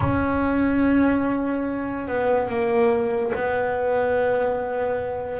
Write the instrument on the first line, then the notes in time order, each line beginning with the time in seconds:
double bass
0.00 C#4
2.07 B3
2.48 A#3
3.34 B3